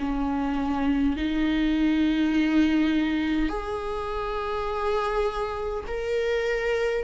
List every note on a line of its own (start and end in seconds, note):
0.00 1.17 C#4
1.17 3.49 D#4
3.49 5.84 G#4
5.88 7.05 A#4